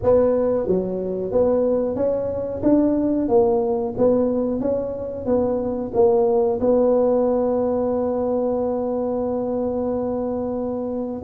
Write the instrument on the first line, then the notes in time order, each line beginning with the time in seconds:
tuba
0.02 B3
0.67 F#3
1.31 B3
1.95 C#4
2.62 D4
3.28 A#3
3.97 B3
4.60 C#4
5.25 B3
5.93 A#3
6.60 B3